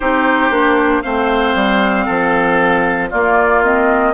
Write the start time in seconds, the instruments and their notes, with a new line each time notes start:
0.00 bassoon C4, clarinet D#4, oboe G4, flute C5
0.50 bassoon A#3, clarinet D4
1.02 bassoon A3, clarinet C4, oboe C5, flute F5
1.55 bassoon G3
2.05 bassoon F3, oboe A4
3.09 clarinet A#3, bassoon A#3, oboe F4, flute D5
3.63 clarinet C4, flute D#5